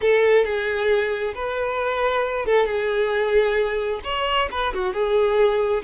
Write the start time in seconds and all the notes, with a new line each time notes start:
0.01 A4
0.44 G#4
1.34 B4
2.45 A4
2.66 G#4
4.04 C#5
4.51 B4
4.73 F#4
4.93 G#4